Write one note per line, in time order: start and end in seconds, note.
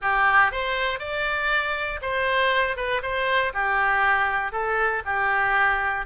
0.01 0.51 G4
0.51 0.99 C5
0.99 2.00 D5
2.01 2.76 C5
2.76 3.01 B4
3.02 3.52 C5
3.53 4.52 G4
4.52 5.02 A4
5.05 6.05 G4